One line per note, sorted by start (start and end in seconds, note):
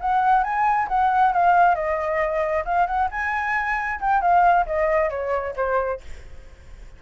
0.00 0.43 F#5
0.43 0.87 G#5
0.88 1.33 F#5
1.33 1.75 F5
1.75 2.64 D#5
2.65 2.86 F5
2.86 3.09 F#5
3.11 4.00 G#5
4.00 4.21 G5
4.21 4.66 F5
4.66 5.10 D#5
5.10 5.54 C#5
5.56 6.00 C5